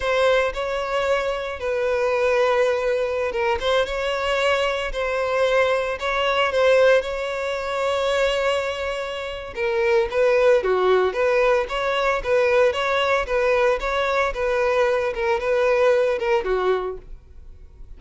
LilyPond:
\new Staff \with { instrumentName = "violin" } { \time 4/4 \tempo 4 = 113 c''4 cis''2 b'4~ | b'2~ b'16 ais'8 c''8 cis''8.~ | cis''4~ cis''16 c''2 cis''8.~ | cis''16 c''4 cis''2~ cis''8.~ |
cis''2 ais'4 b'4 | fis'4 b'4 cis''4 b'4 | cis''4 b'4 cis''4 b'4~ | b'8 ais'8 b'4. ais'8 fis'4 | }